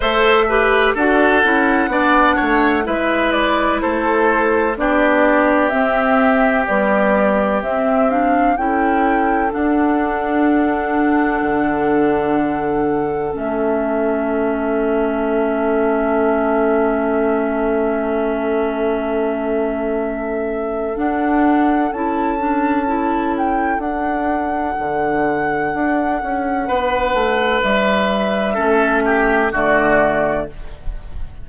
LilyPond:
<<
  \new Staff \with { instrumentName = "flute" } { \time 4/4 \tempo 4 = 63 e''4 fis''2 e''8 d''8 | c''4 d''4 e''4 d''4 | e''8 f''8 g''4 fis''2~ | fis''2 e''2~ |
e''1~ | e''2 fis''4 a''4~ | a''8 g''8 fis''2.~ | fis''4 e''2 d''4 | }
  \new Staff \with { instrumentName = "oboe" } { \time 4/4 c''8 b'8 a'4 d''8 cis''8 b'4 | a'4 g'2.~ | g'4 a'2.~ | a'1~ |
a'1~ | a'1~ | a'1 | b'2 a'8 g'8 fis'4 | }
  \new Staff \with { instrumentName = "clarinet" } { \time 4/4 a'8 g'8 fis'8 e'8 d'4 e'4~ | e'4 d'4 c'4 g4 | c'8 d'8 e'4 d'2~ | d'2 cis'2~ |
cis'1~ | cis'2 d'4 e'8 d'8 | e'4 d'2.~ | d'2 cis'4 a4 | }
  \new Staff \with { instrumentName = "bassoon" } { \time 4/4 a4 d'8 cis'8 b8 a8 gis4 | a4 b4 c'4 b4 | c'4 cis'4 d'2 | d2 a2~ |
a1~ | a2 d'4 cis'4~ | cis'4 d'4 d4 d'8 cis'8 | b8 a8 g4 a4 d4 | }
>>